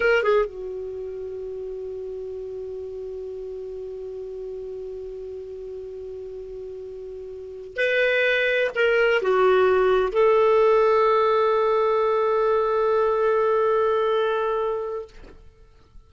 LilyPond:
\new Staff \with { instrumentName = "clarinet" } { \time 4/4 \tempo 4 = 127 ais'8 gis'8 fis'2.~ | fis'1~ | fis'1~ | fis'1~ |
fis'8 b'2 ais'4 fis'8~ | fis'4. a'2~ a'8~ | a'1~ | a'1 | }